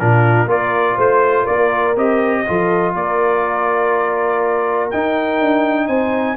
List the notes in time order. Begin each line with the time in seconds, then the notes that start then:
0.00 A#2 D4 F4 A#4
0.46 A#3 F4 A#4 D5
0.95 A3 C5
1.43 A#3 A#4 D5
1.97 C4 G4 D#5
2.47 F3 F4 A4
2.94 A#3 A#4 D5
4.91 D#4 G5
5.41 D4
5.88 C4 C5 G#5